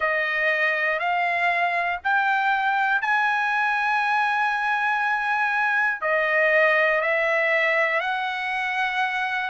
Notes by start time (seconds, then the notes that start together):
0.00 D#5
0.99 F5
2.04 G5
3.01 G#5
6.01 D#5
7.00 E5
8.00 F#5